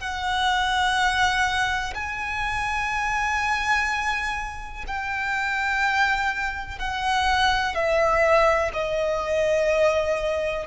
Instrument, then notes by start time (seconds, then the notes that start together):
violin
0.00 F#5
1.94 G#5
4.87 G5
6.79 F#5
7.75 E5
8.73 D#5